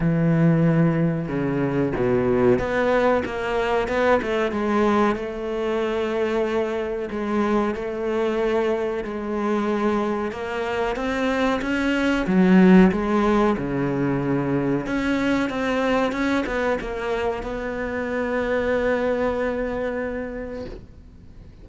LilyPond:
\new Staff \with { instrumentName = "cello" } { \time 4/4 \tempo 4 = 93 e2 cis4 b,4 | b4 ais4 b8 a8 gis4 | a2. gis4 | a2 gis2 |
ais4 c'4 cis'4 fis4 | gis4 cis2 cis'4 | c'4 cis'8 b8 ais4 b4~ | b1 | }